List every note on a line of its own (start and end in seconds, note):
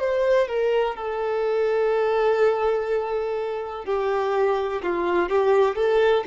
0.00 0.48 C5
0.48 0.96 A#4
0.96 3.86 A4
3.86 4.83 G4
4.83 5.30 F4
5.30 5.76 G4
5.76 6.25 A4